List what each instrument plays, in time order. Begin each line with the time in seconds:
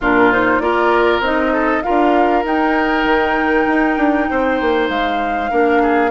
0.00 bassoon A#2, clarinet D4, oboe F4, flute A#4
0.32 clarinet D#4, flute C5
0.59 bassoon A#3, clarinet F4, oboe A#4, flute D5
1.20 bassoon C4, clarinet D#4, flute D#5
1.52 oboe A4
1.83 clarinet F4, oboe A#4, flute F5
1.89 bassoon D4
2.44 bassoon D#4, clarinet D#4, flute G5
3.04 bassoon D#3
3.66 bassoon D#4
3.97 bassoon D4
4.30 bassoon C4, oboe C5
4.60 bassoon A#3
4.89 bassoon G#3, flute F5
5.51 bassoon A#3, clarinet D4, oboe A#4
5.82 oboe G#4